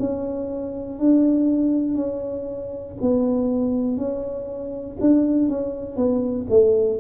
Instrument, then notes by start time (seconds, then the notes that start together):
tuba
0.00 C#4
1.00 D4
1.95 C#4
3.01 B3
3.97 C#4
5.01 D4
5.49 C#4
5.96 B3
6.50 A3